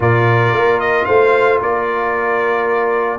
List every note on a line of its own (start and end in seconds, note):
0.00 0.52 A#2
0.00 3.19 F4
0.00 1.05 A#4
0.00 0.80 D5
0.52 1.06 A#3
0.80 1.05 D#5
1.05 1.60 A3
1.05 1.59 C5
1.05 1.58 F5
1.60 3.19 A#3
1.60 3.19 A#4
1.60 3.19 D5